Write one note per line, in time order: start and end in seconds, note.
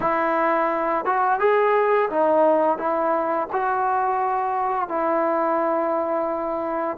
0.00 1.05 E4
1.05 1.39 F#4
1.39 2.09 G#4
2.10 2.77 D#4
2.77 3.47 E4
3.52 4.88 F#4
4.88 6.97 E4